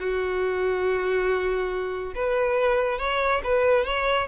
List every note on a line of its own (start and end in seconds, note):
0.00 2.14 F#4
2.15 2.98 B4
2.98 3.41 C#5
3.44 3.85 B4
3.85 4.27 C#5